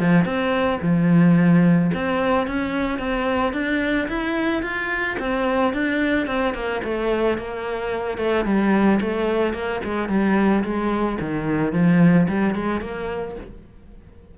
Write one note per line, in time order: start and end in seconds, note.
0.00 0.25 F3
0.25 0.80 C4
0.82 1.91 F3
1.94 2.47 C4
2.47 2.99 C#4
2.99 3.53 C4
3.53 4.08 D4
4.08 4.63 E4
4.63 5.17 F4
5.19 5.73 C4
5.73 6.27 D4
6.27 6.54 C4
6.54 6.82 A#3
6.84 7.38 A3
7.38 8.18 A#3
8.18 8.45 A3
8.45 9.00 G3
9.01 9.54 A3
9.54 9.81 A#3
9.84 10.09 G#3
10.09 10.63 G3
10.64 11.18 G#3
11.21 11.73 D#3
11.73 12.28 F3
12.28 12.55 G3
12.55 12.81 G#3
12.81 13.36 A#3